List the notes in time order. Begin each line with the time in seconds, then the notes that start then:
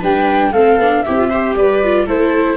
0.00 G3 D4 B4 G5
0.52 A3 C4 A4 F5
0.79 B3 D4
1.03 E4 G4 E5
1.09 C4
1.19 F4
1.30 G4 C5
1.56 G3 B4 D5
1.84 F4
2.05 A3 E4 A4 C5